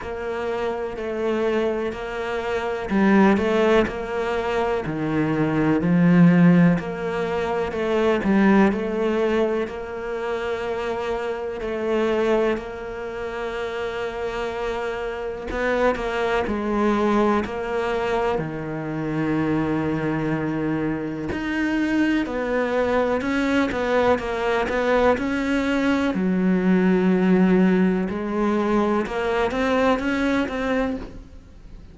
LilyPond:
\new Staff \with { instrumentName = "cello" } { \time 4/4 \tempo 4 = 62 ais4 a4 ais4 g8 a8 | ais4 dis4 f4 ais4 | a8 g8 a4 ais2 | a4 ais2. |
b8 ais8 gis4 ais4 dis4~ | dis2 dis'4 b4 | cis'8 b8 ais8 b8 cis'4 fis4~ | fis4 gis4 ais8 c'8 cis'8 c'8 | }